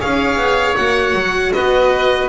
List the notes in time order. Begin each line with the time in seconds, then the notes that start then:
0.00 C#4 G#4 C#5 F5
0.37 B3
0.76 A#3 F#4 F#5
1.14 F#3
1.53 B3 B4 D#5